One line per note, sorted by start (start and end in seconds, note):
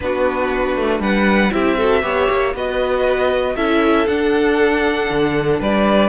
0.00 0.75 B3
0.00 1.52 D4
0.00 1.01 F#4
0.00 1.01 B4
0.75 0.99 A3
0.99 1.50 G3
0.99 1.52 B4
0.99 1.52 F#5
1.52 2.02 C4
1.52 1.77 E4
1.52 1.77 G4
1.52 2.54 E5
1.77 2.02 F#4
1.77 2.02 A4
2.02 2.28 B3
2.02 2.53 G4
2.02 2.55 C#5
2.30 2.53 A#3
2.53 3.55 B3
2.53 3.56 F#4
2.53 3.56 B4
2.53 3.55 D#5
3.55 4.07 C#4
3.55 4.07 E4
3.55 5.59 A4
3.55 4.06 E5
4.06 5.08 D4
4.06 6.08 D4
4.06 5.59 F#5
5.09 5.60 D3
5.59 6.08 G3
5.59 6.08 B4
5.59 6.08 D5